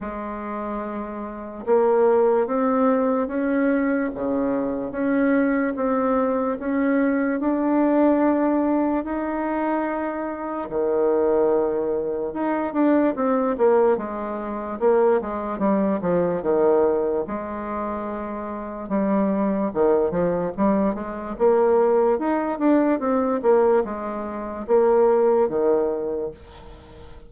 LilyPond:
\new Staff \with { instrumentName = "bassoon" } { \time 4/4 \tempo 4 = 73 gis2 ais4 c'4 | cis'4 cis4 cis'4 c'4 | cis'4 d'2 dis'4~ | dis'4 dis2 dis'8 d'8 |
c'8 ais8 gis4 ais8 gis8 g8 f8 | dis4 gis2 g4 | dis8 f8 g8 gis8 ais4 dis'8 d'8 | c'8 ais8 gis4 ais4 dis4 | }